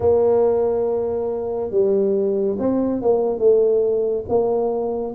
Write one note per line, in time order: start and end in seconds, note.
0.00 1.71 A#3
1.71 2.56 G3
2.58 3.01 C4
3.01 3.39 A#3
3.39 4.24 A3
4.28 5.14 A#3